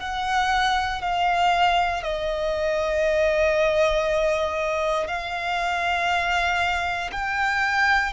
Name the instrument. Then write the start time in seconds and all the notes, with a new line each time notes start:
violin
0.00 F#5
1.02 F5
2.03 D#5
5.08 F5
7.12 G5